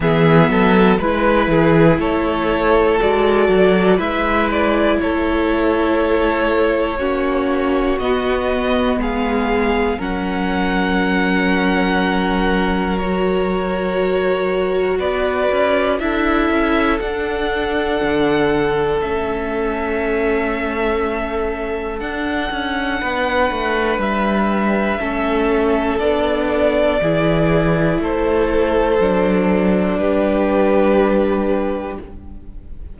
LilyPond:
<<
  \new Staff \with { instrumentName = "violin" } { \time 4/4 \tempo 4 = 60 e''4 b'4 cis''4 d''4 | e''8 d''8 cis''2. | dis''4 f''4 fis''2~ | fis''4 cis''2 d''4 |
e''4 fis''2 e''4~ | e''2 fis''2 | e''2 d''2 | c''2 b'2 | }
  \new Staff \with { instrumentName = "violin" } { \time 4/4 gis'8 a'8 b'8 gis'8 a'2 | b'4 a'2 fis'4~ | fis'4 gis'4 ais'2~ | ais'2. b'4 |
a'1~ | a'2. b'4~ | b'4 a'2 gis'4 | a'2 g'2 | }
  \new Staff \with { instrumentName = "viola" } { \time 4/4 b4 e'2 fis'4 | e'2. cis'4 | b2 cis'2~ | cis'4 fis'2. |
e'4 d'2 cis'4~ | cis'2 d'2~ | d'4 cis'4 d'4 e'4~ | e'4 d'2. | }
  \new Staff \with { instrumentName = "cello" } { \time 4/4 e8 fis8 gis8 e8 a4 gis8 fis8 | gis4 a2 ais4 | b4 gis4 fis2~ | fis2. b8 cis'8 |
d'8 cis'8 d'4 d4 a4~ | a2 d'8 cis'8 b8 a8 | g4 a4 b4 e4 | a4 fis4 g2 | }
>>